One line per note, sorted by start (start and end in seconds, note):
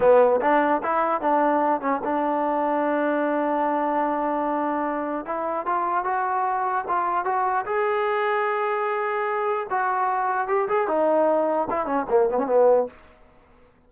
0.00 0.40 B3
0.41 0.81 D4
0.82 1.21 E4
1.21 1.80 D4
1.80 2.00 C#4
2.03 5.25 D4
5.25 5.65 E4
5.66 6.04 F4
6.04 6.84 F#4
6.87 7.25 F4
7.25 7.65 F#4
7.65 9.66 G#4
9.70 10.47 F#4
10.47 10.67 G4
10.68 10.87 G#4
10.87 11.68 D#4
11.70 11.85 E4
11.85 12.05 C#4
12.09 12.29 A#3
12.29 12.38 B3
12.38 12.46 C#4
12.46 12.86 B3